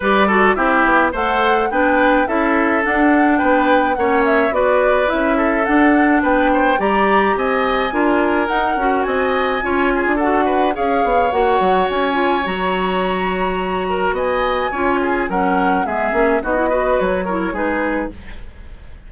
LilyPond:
<<
  \new Staff \with { instrumentName = "flute" } { \time 4/4 \tempo 4 = 106 d''4 e''4 fis''4 g''4 | e''4 fis''4 g''4 fis''8 e''8 | d''4 e''4 fis''4 g''4 | ais''4 gis''2 fis''4 |
gis''2 fis''4 f''4 | fis''4 gis''4 ais''2~ | ais''4 gis''2 fis''4 | e''4 dis''4 cis''4 b'4 | }
  \new Staff \with { instrumentName = "oboe" } { \time 4/4 b'8 a'8 g'4 c''4 b'4 | a'2 b'4 cis''4 | b'4. a'4. b'8 c''8 | d''4 dis''4 ais'2 |
dis''4 cis''8 gis'8 a'8 b'8 cis''4~ | cis''1~ | cis''8 ais'8 dis''4 cis''8 gis'8 ais'4 | gis'4 fis'8 b'4 ais'8 gis'4 | }
  \new Staff \with { instrumentName = "clarinet" } { \time 4/4 g'8 fis'8 e'4 a'4 d'4 | e'4 d'2 cis'4 | fis'4 e'4 d'2 | g'2 f'4 dis'8 fis'8~ |
fis'4 f'4 fis'4 gis'4 | fis'4. f'8 fis'2~ | fis'2 f'4 cis'4 | b8 cis'8 dis'16 e'16 fis'4 e'8 dis'4 | }
  \new Staff \with { instrumentName = "bassoon" } { \time 4/4 g4 c'8 b8 a4 b4 | cis'4 d'4 b4 ais4 | b4 cis'4 d'4 b4 | g4 c'4 d'4 dis'8 cis'8 |
c'4 cis'8. d'4~ d'16 cis'8 b8 | ais8 fis8 cis'4 fis2~ | fis4 b4 cis'4 fis4 | gis8 ais8 b4 fis4 gis4 | }
>>